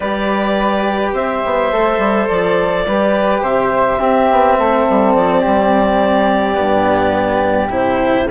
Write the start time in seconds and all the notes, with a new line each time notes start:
0.00 G3 G4 B4 D5
1.13 C4 C5 E5
1.45 B3
1.71 A3 A4
1.98 G3
2.27 F3 D5
2.86 G3 G4 B4
3.41 C3 C5 E5
3.99 C4 G4
4.31 B3
4.58 A3 A4
4.89 G3
5.13 F3 D5
5.40 G3 G4
6.54 G2 B3
7.69 C3 E4 C5